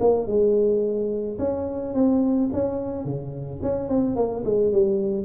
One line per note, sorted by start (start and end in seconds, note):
0.00 0.26 A#3
0.26 1.37 G#3
1.38 1.94 C#4
1.94 2.49 C4
2.53 3.04 C#4
3.04 3.60 C#3
3.62 3.88 C#4
3.88 4.15 C4
4.15 4.43 A#3
4.44 4.72 G#3
4.72 5.25 G3